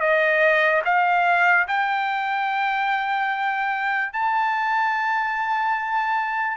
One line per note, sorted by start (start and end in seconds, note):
0.00 0.82 D#5
0.85 1.67 F5
1.67 4.13 G5
4.13 6.57 A5